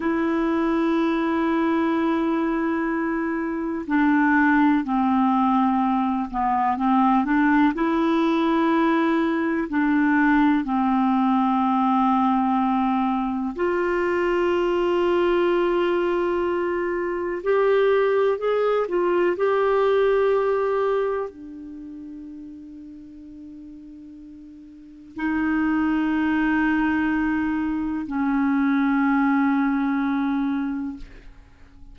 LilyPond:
\new Staff \with { instrumentName = "clarinet" } { \time 4/4 \tempo 4 = 62 e'1 | d'4 c'4. b8 c'8 d'8 | e'2 d'4 c'4~ | c'2 f'2~ |
f'2 g'4 gis'8 f'8 | g'2 d'2~ | d'2 dis'2~ | dis'4 cis'2. | }